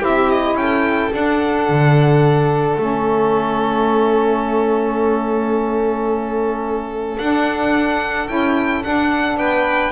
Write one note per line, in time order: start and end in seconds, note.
0.00 0.55 C4
0.00 1.10 E4
0.00 0.55 G4
0.00 0.31 E5
0.31 0.57 D#5
0.55 1.10 C#4
0.55 9.40 A4
0.55 1.12 G5
1.12 2.78 D4
1.12 1.69 D4
1.12 2.79 F#5
1.69 2.77 D3
2.77 7.18 A3
2.77 7.19 C#4
2.77 7.18 E5
7.18 8.29 D4
7.18 8.28 D4
7.18 8.28 F#5
8.28 8.84 C#4
8.28 8.83 E4
8.28 8.83 G5
8.83 9.93 D4
8.83 9.37 D4
8.83 9.37 F#5
9.37 9.92 B3
9.37 9.93 B4
9.37 9.93 G5